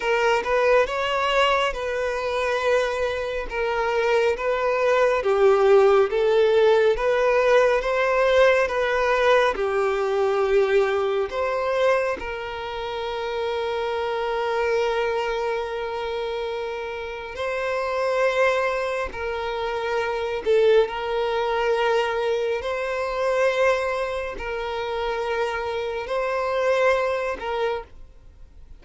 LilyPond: \new Staff \with { instrumentName = "violin" } { \time 4/4 \tempo 4 = 69 ais'8 b'8 cis''4 b'2 | ais'4 b'4 g'4 a'4 | b'4 c''4 b'4 g'4~ | g'4 c''4 ais'2~ |
ais'1 | c''2 ais'4. a'8 | ais'2 c''2 | ais'2 c''4. ais'8 | }